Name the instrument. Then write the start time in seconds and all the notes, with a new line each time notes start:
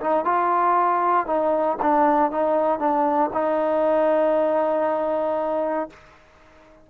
trombone
0.00 D#4
0.24 F4
1.26 D#4
1.81 D4
2.31 D#4
2.79 D4
3.33 D#4